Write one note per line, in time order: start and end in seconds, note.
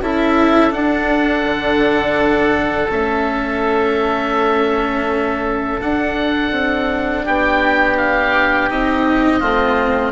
0.00 0.72 C#4
0.00 0.70 E4
0.00 7.24 A4
0.00 0.73 E5
0.70 2.87 D4
0.70 1.43 D4
0.70 2.90 F#5
1.43 2.88 D3
2.90 5.79 A3
2.90 5.79 C#4
2.90 5.80 E5
5.79 6.51 D4
5.79 8.69 D4
5.79 7.25 F#5
6.51 7.23 C4
7.24 8.70 B3
7.24 9.39 G4
7.24 7.97 G5
7.97 8.69 F5
8.69 9.41 C4
8.69 9.41 D#4
8.69 10.12 D#5
9.39 10.12 A3
9.39 10.12 C4
9.39 10.11 F4